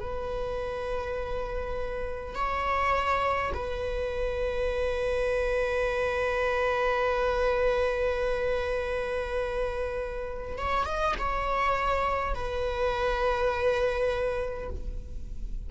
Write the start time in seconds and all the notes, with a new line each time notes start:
0.00 B4
2.35 C#5
3.54 B4
10.58 C#5
10.85 D#5
11.19 C#5
12.35 B4